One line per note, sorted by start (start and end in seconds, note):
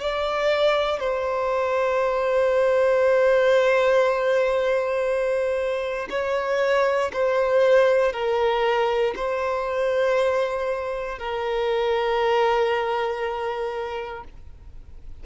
0.00 1.00 D5
1.00 6.08 C5
6.10 7.12 C#5
7.13 8.13 C5
8.13 9.14 A#4
9.16 11.19 C5
11.19 14.24 A#4